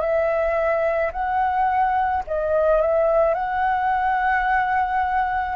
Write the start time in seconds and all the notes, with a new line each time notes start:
0.00 E5
1.12 F#5
2.26 D#5
2.81 E5
3.34 F#5